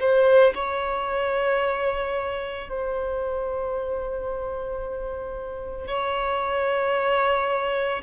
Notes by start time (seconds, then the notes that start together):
0.00 C5
0.55 C#5
2.69 C5
5.88 C#5